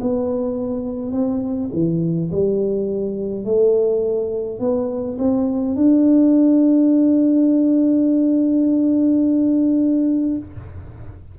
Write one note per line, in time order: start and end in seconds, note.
0.00 1.12 B3
1.12 1.69 C4
1.73 2.30 E3
2.31 3.44 G3
3.44 4.59 A3
4.59 5.17 B3
5.18 5.76 C4
5.76 10.37 D4